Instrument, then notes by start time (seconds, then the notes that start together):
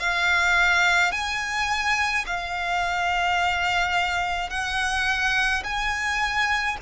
violin
0.00 F5
1.12 G#5
2.26 F5
4.50 F#5
5.64 G#5